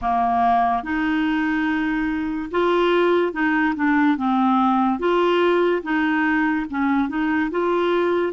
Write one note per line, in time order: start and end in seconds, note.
0.01 0.83 A#3
0.83 2.50 D#4
2.51 3.32 F4
3.32 3.74 D#4
3.75 4.17 D4
4.17 4.99 C4
4.99 5.82 F4
5.83 6.66 D#4
6.70 7.08 C#4
7.08 7.50 D#4
7.50 8.32 F4